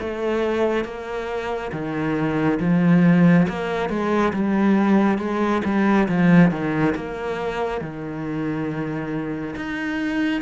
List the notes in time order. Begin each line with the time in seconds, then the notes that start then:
0.00 A3
0.85 A#3
1.72 D#3
2.60 F3
3.49 A#3
3.89 G#3
4.33 G3
5.18 G#3
5.64 G3
6.08 F3
6.51 D#3
6.95 A#3
7.81 D#3
9.55 D#4